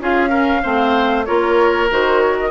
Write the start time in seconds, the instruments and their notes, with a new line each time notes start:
0.00 bassoon C#4, clarinet F4, oboe G#4, flute F5
0.30 clarinet C#4, oboe A#4
0.63 bassoon A3, clarinet C4, oboe C5
1.25 bassoon A#3, clarinet F4, oboe A#4, flute C#5
1.90 bassoon D#3, clarinet F#4, flute C5
2.21 flute C#5
2.40 flute D#5